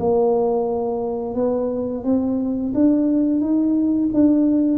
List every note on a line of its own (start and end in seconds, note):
0.00 1.35 A#3
1.35 2.04 B3
2.04 2.73 C4
2.75 3.41 D4
3.41 4.10 D#4
4.14 4.79 D4